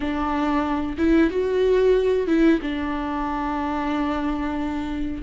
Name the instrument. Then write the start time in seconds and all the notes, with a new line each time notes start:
viola
0.00 D4
0.97 E4
1.30 F#4
2.27 E4
2.61 D4